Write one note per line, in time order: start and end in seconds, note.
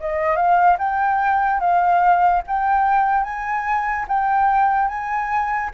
0.00 0.35 D#5
0.35 0.77 F5
0.78 1.60 G5
1.60 2.42 F5
2.47 3.23 G5
3.23 4.05 G#5
4.08 4.88 G5
4.88 5.70 G#5